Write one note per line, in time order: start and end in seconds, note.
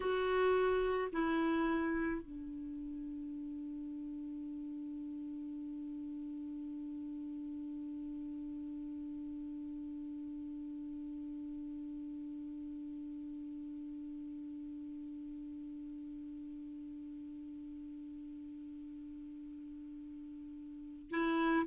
0.00 1.10 F#4
1.12 2.22 E4
2.22 21.10 D4
21.10 21.66 E4